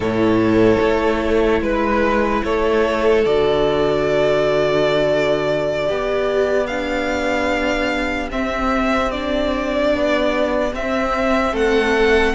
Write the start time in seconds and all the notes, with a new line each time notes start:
0.00 A2 E4 A4 C#5
0.81 A3
1.61 G#3 B4
2.43 A3 A4 C#5
3.25 D3 F#4 D5
5.86 B3 G4
6.66 D4 F5
8.30 C4 E5
9.11 D4 D5
9.94 B3
10.72 C4 E5
11.52 A3 A4 F#5